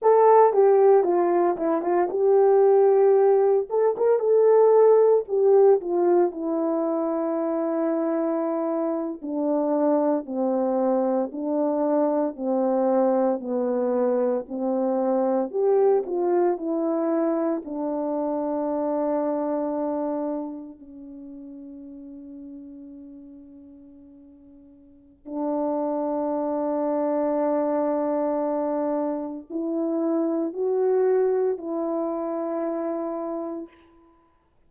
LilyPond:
\new Staff \with { instrumentName = "horn" } { \time 4/4 \tempo 4 = 57 a'8 g'8 f'8 e'16 f'16 g'4. a'16 ais'16 | a'4 g'8 f'8 e'2~ | e'8. d'4 c'4 d'4 c'16~ | c'8. b4 c'4 g'8 f'8 e'16~ |
e'8. d'2. cis'16~ | cis'1 | d'1 | e'4 fis'4 e'2 | }